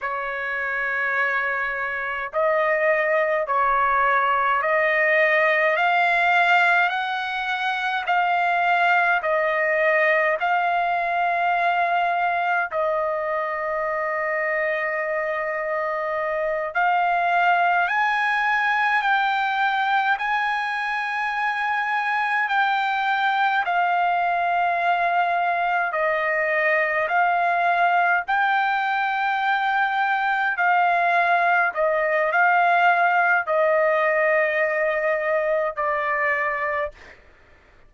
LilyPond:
\new Staff \with { instrumentName = "trumpet" } { \time 4/4 \tempo 4 = 52 cis''2 dis''4 cis''4 | dis''4 f''4 fis''4 f''4 | dis''4 f''2 dis''4~ | dis''2~ dis''8 f''4 gis''8~ |
gis''8 g''4 gis''2 g''8~ | g''8 f''2 dis''4 f''8~ | f''8 g''2 f''4 dis''8 | f''4 dis''2 d''4 | }